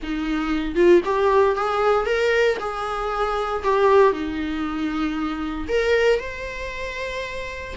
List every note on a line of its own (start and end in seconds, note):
0.02 0.75 D#4
0.75 1.01 F4
1.04 1.55 G4
1.55 2.05 G#4
2.05 2.57 A#4
2.59 3.63 G#4
3.63 4.12 G4
4.12 5.67 D#4
5.68 6.19 A#4
6.19 7.74 C5